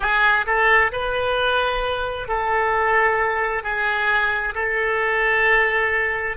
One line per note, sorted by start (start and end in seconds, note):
0.00 0.45 G#4
0.46 0.91 A4
0.92 2.27 B4
2.27 3.63 A4
3.63 4.54 G#4
4.55 6.36 A4